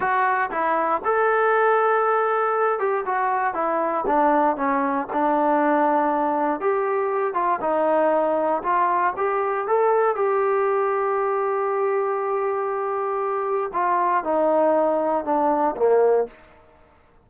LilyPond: \new Staff \with { instrumentName = "trombone" } { \time 4/4 \tempo 4 = 118 fis'4 e'4 a'2~ | a'4. g'8 fis'4 e'4 | d'4 cis'4 d'2~ | d'4 g'4. f'8 dis'4~ |
dis'4 f'4 g'4 a'4 | g'1~ | g'2. f'4 | dis'2 d'4 ais4 | }